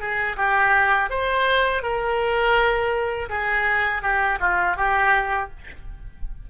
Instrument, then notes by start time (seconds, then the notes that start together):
oboe
0.00 G#4
0.37 G4
1.10 C5
1.83 A#4
3.30 G#4
4.02 G4
4.40 F4
4.77 G4